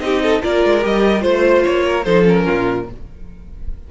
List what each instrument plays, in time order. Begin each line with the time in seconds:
0.00 cello C4, viola D#4, violin G4 D#5
0.23 violin A4
0.42 cello A#3, viola F4, violin A#4 D5
0.64 cello G#3
0.81 cello G3, viola G4, violin D#5
1.21 cello A3, viola F4, violin C5
1.64 cello A#3, violin C#5
1.86 violin A#4
2.04 cello F3, viola D#4, violin A4 C5
2.23 viola C#4, violin A#4
2.46 cello A#2, violin F4